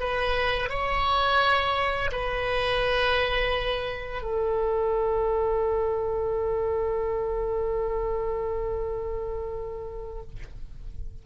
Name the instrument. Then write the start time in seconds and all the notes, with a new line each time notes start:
oboe
0.00 B4
0.70 C#5
2.12 B4
4.22 A4